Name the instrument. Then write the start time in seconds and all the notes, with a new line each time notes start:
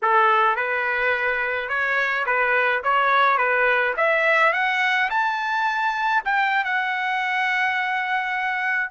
trumpet
0.02 A4
0.56 B4
1.68 C#5
2.25 B4
2.83 C#5
3.37 B4
3.96 E5
4.53 F#5
5.09 A5
6.24 G5
6.64 F#5